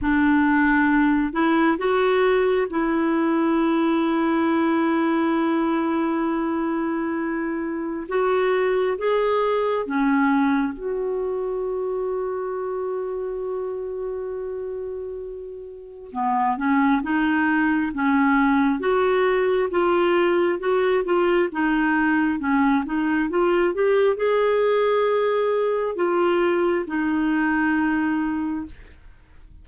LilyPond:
\new Staff \with { instrumentName = "clarinet" } { \time 4/4 \tempo 4 = 67 d'4. e'8 fis'4 e'4~ | e'1~ | e'4 fis'4 gis'4 cis'4 | fis'1~ |
fis'2 b8 cis'8 dis'4 | cis'4 fis'4 f'4 fis'8 f'8 | dis'4 cis'8 dis'8 f'8 g'8 gis'4~ | gis'4 f'4 dis'2 | }